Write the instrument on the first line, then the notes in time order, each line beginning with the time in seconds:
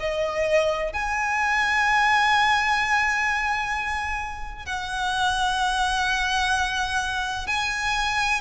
violin
0.00 D#5
0.93 G#5
4.66 F#5
7.47 G#5